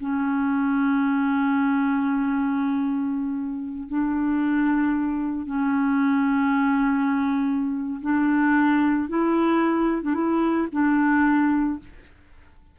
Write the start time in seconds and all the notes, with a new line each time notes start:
0.00 C#4
3.88 D4
5.46 C#4
8.02 D4
9.09 E4
10.02 D4
10.14 E4
10.72 D4